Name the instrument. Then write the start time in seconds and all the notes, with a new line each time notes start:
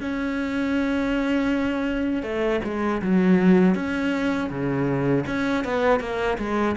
cello
0.00 C#4
2.23 A3
2.64 G#3
3.01 F#3
3.74 C#4
4.50 C#3
5.26 C#4
5.64 B3
6.00 A#3
6.38 G#3